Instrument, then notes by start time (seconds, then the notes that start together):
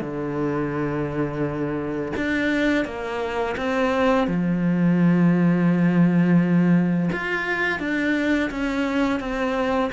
cello
0.00 D3
2.16 D4
2.85 A#3
3.56 C4
4.27 F3
7.12 F4
7.79 D4
8.50 C#4
9.20 C4